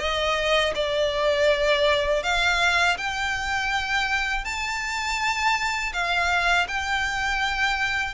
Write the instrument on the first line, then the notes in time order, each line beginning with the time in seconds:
violin
0.00 D#5
0.76 D5
2.24 F5
2.98 G5
4.45 A5
5.93 F5
6.68 G5